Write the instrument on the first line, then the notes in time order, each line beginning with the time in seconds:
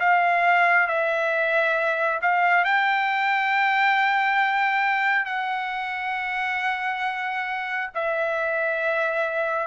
trumpet
0.00 F5
0.87 E5
2.22 F5
2.65 G5
5.26 F#5
7.95 E5